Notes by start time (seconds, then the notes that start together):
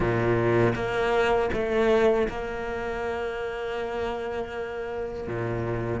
0.00 A#2
0.75 A#3
1.53 A3
2.28 A#3
5.27 A#2